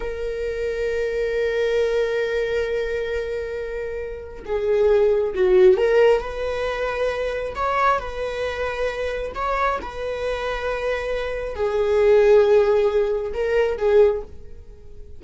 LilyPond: \new Staff \with { instrumentName = "viola" } { \time 4/4 \tempo 4 = 135 ais'1~ | ais'1~ | ais'2 gis'2 | fis'4 ais'4 b'2~ |
b'4 cis''4 b'2~ | b'4 cis''4 b'2~ | b'2 gis'2~ | gis'2 ais'4 gis'4 | }